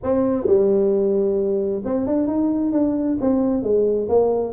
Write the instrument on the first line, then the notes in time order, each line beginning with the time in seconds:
tuba
0.03 C4
0.46 G3
1.85 C4
2.06 D4
2.27 D#4
2.72 D4
3.20 C4
3.62 G#3
4.08 A#3